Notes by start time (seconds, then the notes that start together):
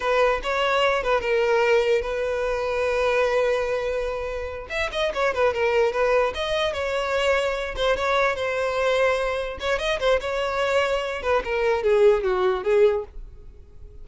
0.00 B4
0.43 C#5
1.03 B4
1.20 A#4
2.01 B4
4.69 E5
4.91 D#5
5.13 C#5
5.34 B4
5.53 A#4
5.92 B4
6.34 D#5
6.73 C#5
7.76 C5
7.96 C#5
8.35 C5
9.60 C#5
9.78 D#5
9.99 C5
10.20 C#5
11.22 B4
11.44 A#4
11.83 G#4
12.23 F#4
12.63 G#4